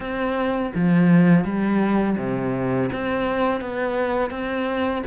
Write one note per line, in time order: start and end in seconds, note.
0.00 0.72 C4
0.75 1.44 F3
1.44 2.16 G3
2.17 2.89 C3
2.92 3.60 C4
3.60 4.30 B3
4.30 5.02 C4